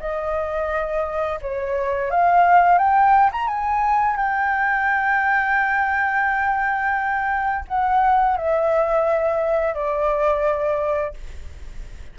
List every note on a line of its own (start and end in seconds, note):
0.00 1.40 D#5
1.42 2.11 C#5
2.11 2.78 F5
2.78 3.31 G5
3.32 3.48 A#5
3.48 4.16 G#5
4.16 7.65 G5
7.68 8.37 F#5
8.37 9.75 E5
9.75 11.14 D5